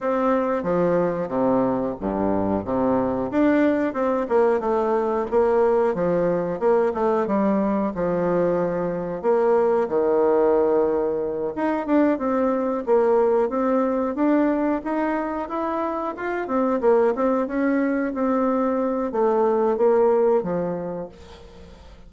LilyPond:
\new Staff \with { instrumentName = "bassoon" } { \time 4/4 \tempo 4 = 91 c'4 f4 c4 g,4 | c4 d'4 c'8 ais8 a4 | ais4 f4 ais8 a8 g4 | f2 ais4 dis4~ |
dis4. dis'8 d'8 c'4 ais8~ | ais8 c'4 d'4 dis'4 e'8~ | e'8 f'8 c'8 ais8 c'8 cis'4 c'8~ | c'4 a4 ais4 f4 | }